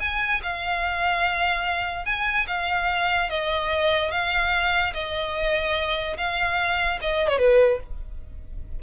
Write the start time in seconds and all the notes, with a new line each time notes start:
0.00 G#5
0.43 F5
2.05 G#5
2.47 F5
3.30 D#5
4.11 F5
4.94 D#5
6.17 F5
7.01 D#5
7.29 C#5
7.38 B4